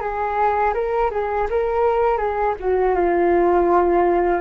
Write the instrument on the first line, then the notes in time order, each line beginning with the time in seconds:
flute
0.00 G#4
0.74 A#4
1.10 G#4
1.50 A#4
2.17 G#4
2.59 F#4
2.95 F4